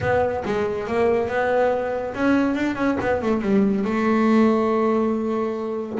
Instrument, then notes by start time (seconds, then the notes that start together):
double bass
0.00 B3
0.45 G#3
0.87 A#3
1.28 B3
2.14 C#4
2.55 D4
2.75 C#4
3.00 B3
3.22 A3
3.41 G3
3.84 A3